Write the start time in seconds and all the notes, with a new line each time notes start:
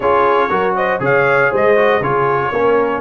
0.00 C#4 F4 G#4 C#5
0.49 F#3 F#4 A#4
0.75 C5 D#5
1.00 C#3 G#4 C#5 F5
1.50 G#3 C5 D#5
1.76 F#4
2.00 C#3 F4 G#4 C#5
2.52 A#3 C#4 A#4